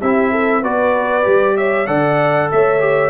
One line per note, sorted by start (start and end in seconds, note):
0.00 0.64 C4
0.00 0.64 E4
0.00 0.31 G4
0.00 0.64 E5
0.31 0.61 A4
0.61 1.27 B3
0.61 1.23 F#4
0.61 1.55 B4
0.61 1.58 D5
1.23 1.88 G3
1.23 1.86 G4
1.57 1.87 C#5
1.57 1.87 E5
1.87 2.50 D3
1.87 2.80 A4
1.87 2.49 D5
1.87 2.49 F#5
2.52 3.10 A3
2.52 3.10 C#5
2.52 3.10 E5
2.80 3.10 G4